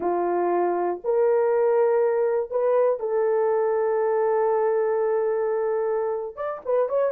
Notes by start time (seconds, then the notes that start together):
0.00 F4
1.03 A#4
2.50 B4
2.99 A4
6.36 D5
6.65 B4
6.88 C#5